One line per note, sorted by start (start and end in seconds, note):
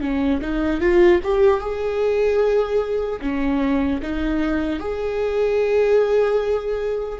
0.00 0.40 C#4
0.41 0.80 D#4
0.80 1.20 F4
1.23 1.60 G4
1.60 3.20 G#4
3.21 4.01 C#4
4.02 4.79 D#4
4.79 7.19 G#4